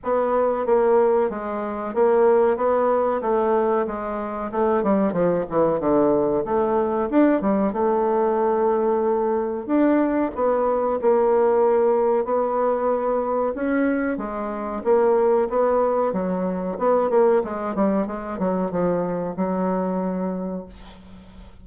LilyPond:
\new Staff \with { instrumentName = "bassoon" } { \time 4/4 \tempo 4 = 93 b4 ais4 gis4 ais4 | b4 a4 gis4 a8 g8 | f8 e8 d4 a4 d'8 g8 | a2. d'4 |
b4 ais2 b4~ | b4 cis'4 gis4 ais4 | b4 fis4 b8 ais8 gis8 g8 | gis8 fis8 f4 fis2 | }